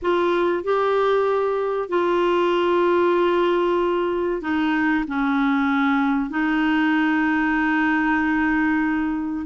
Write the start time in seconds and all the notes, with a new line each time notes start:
0.01 F4
0.63 G4
1.88 F4
4.41 D#4
5.07 C#4
6.30 D#4